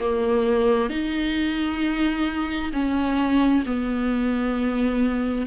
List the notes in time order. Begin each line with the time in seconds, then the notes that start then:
0.00 A#3
0.90 D#4
2.73 C#4
3.67 B3